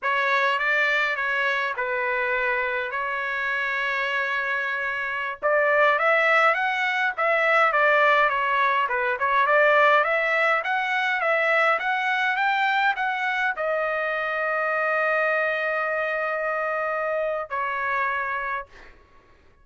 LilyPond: \new Staff \with { instrumentName = "trumpet" } { \time 4/4 \tempo 4 = 103 cis''4 d''4 cis''4 b'4~ | b'4 cis''2.~ | cis''4~ cis''16 d''4 e''4 fis''8.~ | fis''16 e''4 d''4 cis''4 b'8 cis''16~ |
cis''16 d''4 e''4 fis''4 e''8.~ | e''16 fis''4 g''4 fis''4 dis''8.~ | dis''1~ | dis''2 cis''2 | }